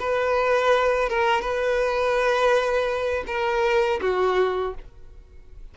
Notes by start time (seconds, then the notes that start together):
0.00 B4
1.09 A#4
1.41 B4
3.27 A#4
4.01 F#4